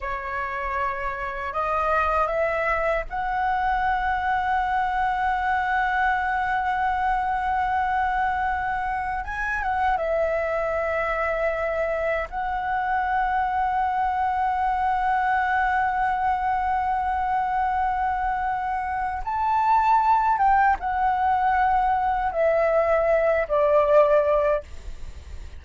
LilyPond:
\new Staff \with { instrumentName = "flute" } { \time 4/4 \tempo 4 = 78 cis''2 dis''4 e''4 | fis''1~ | fis''1 | gis''8 fis''8 e''2. |
fis''1~ | fis''1~ | fis''4 a''4. g''8 fis''4~ | fis''4 e''4. d''4. | }